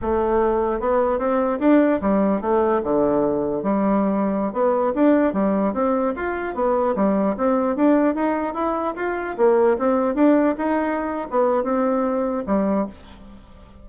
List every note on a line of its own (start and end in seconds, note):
0.01 0.80 A3
0.80 1.18 B3
1.18 1.59 C4
1.59 2.00 D4
2.01 2.41 G3
2.41 2.81 A3
2.83 3.62 D3
3.62 4.52 G3
4.52 4.93 B3
4.94 5.33 D4
5.33 5.73 G3
5.73 6.13 C4
6.15 6.54 F4
6.54 6.95 B3
6.95 7.35 G3
7.37 7.75 C4
7.75 8.15 D4
8.15 8.54 D#4
8.54 8.94 E4
8.95 9.36 F4
9.37 9.77 A#3
9.78 10.15 C4
10.15 10.55 D4
10.57 11.28 D#4
11.30 11.63 B3
11.63 12.44 C4
12.46 12.86 G3